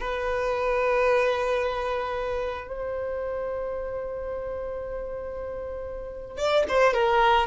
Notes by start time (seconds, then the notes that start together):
0.00 B4
2.68 C5
6.38 D5
6.69 C5
6.94 A#4